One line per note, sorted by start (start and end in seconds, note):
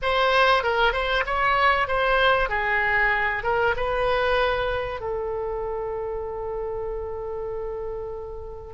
0.02 0.63 C5
0.63 0.92 A#4
0.92 1.24 C5
1.26 1.87 C#5
1.87 2.49 C5
2.49 3.43 G#4
3.43 3.74 A#4
3.76 5.00 B4
5.00 8.73 A4